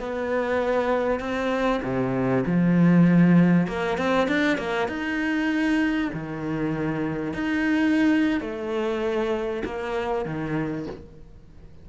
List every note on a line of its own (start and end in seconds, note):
0.00 1.20 B3
1.20 1.81 C4
1.83 2.45 C3
2.46 3.68 F3
3.68 3.98 A#3
3.98 4.28 C4
4.28 4.58 D4
4.58 4.88 A#3
4.88 6.11 D#4
6.14 7.34 D#3
7.34 8.41 D#4
8.41 9.63 A3
9.65 10.26 A#3
10.26 10.87 D#3